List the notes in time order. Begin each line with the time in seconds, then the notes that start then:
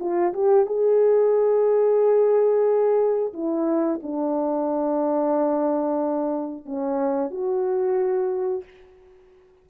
0.00 F4
0.34 G4
0.67 G#4
3.34 E4
4.03 D4
6.65 C#4
7.31 F#4